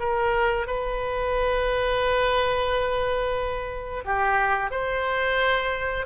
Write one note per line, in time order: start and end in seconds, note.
0.00 0.67 A#4
0.67 4.04 B4
4.05 4.71 G4
4.71 6.06 C5